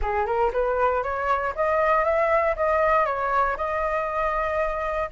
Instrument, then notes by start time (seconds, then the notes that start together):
flute
0.01 G#4
0.26 A#4
0.52 B4
1.03 C#5
1.55 D#5
2.04 E5
2.55 D#5
3.05 C#5
3.57 D#5